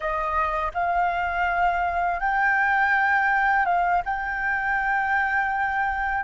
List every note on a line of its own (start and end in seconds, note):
0.00 0.72 D#5
0.74 2.20 F5
2.20 3.65 G5
3.65 4.02 F5
4.05 6.24 G5